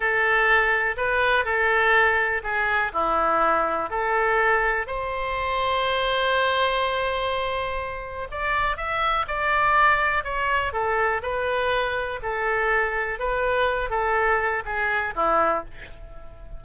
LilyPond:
\new Staff \with { instrumentName = "oboe" } { \time 4/4 \tempo 4 = 123 a'2 b'4 a'4~ | a'4 gis'4 e'2 | a'2 c''2~ | c''1~ |
c''4 d''4 e''4 d''4~ | d''4 cis''4 a'4 b'4~ | b'4 a'2 b'4~ | b'8 a'4. gis'4 e'4 | }